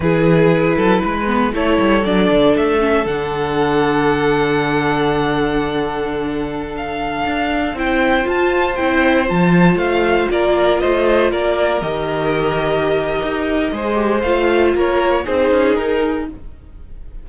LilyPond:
<<
  \new Staff \with { instrumentName = "violin" } { \time 4/4 \tempo 4 = 118 b'2. cis''4 | d''4 e''4 fis''2~ | fis''1~ | fis''4~ fis''16 f''2 g''8.~ |
g''16 a''4 g''4 a''4 f''8.~ | f''16 d''4 dis''4 d''4 dis''8.~ | dis''1 | f''4 cis''4 c''4 ais'4 | }
  \new Staff \with { instrumentName = "violin" } { \time 4/4 gis'4. a'8 b'4 a'4~ | a'1~ | a'1~ | a'2.~ a'16 c''8.~ |
c''1~ | c''16 ais'4 c''4 ais'4.~ ais'16~ | ais'2. c''4~ | c''4 ais'4 gis'2 | }
  \new Staff \with { instrumentName = "viola" } { \time 4/4 e'2~ e'8 b8 e'4 | d'4. cis'8 d'2~ | d'1~ | d'2.~ d'16 e'8.~ |
e'16 f'4 e'4 f'4.~ f'16~ | f'2.~ f'16 g'8.~ | g'2. gis'8 g'8 | f'2 dis'2 | }
  \new Staff \with { instrumentName = "cello" } { \time 4/4 e4. fis8 gis4 a8 g8 | fis8 d8 a4 d2~ | d1~ | d2~ d16 d'4 c'8.~ |
c'16 f'4 c'4 f4 a8.~ | a16 ais4 a4 ais4 dis8.~ | dis2 dis'4 gis4 | a4 ais4 c'8 cis'8 dis'4 | }
>>